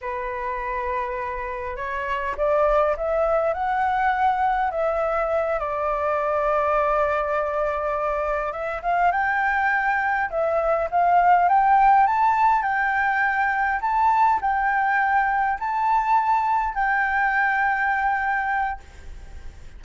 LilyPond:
\new Staff \with { instrumentName = "flute" } { \time 4/4 \tempo 4 = 102 b'2. cis''4 | d''4 e''4 fis''2 | e''4. d''2~ d''8~ | d''2~ d''8 e''8 f''8 g''8~ |
g''4. e''4 f''4 g''8~ | g''8 a''4 g''2 a''8~ | a''8 g''2 a''4.~ | a''8 g''2.~ g''8 | }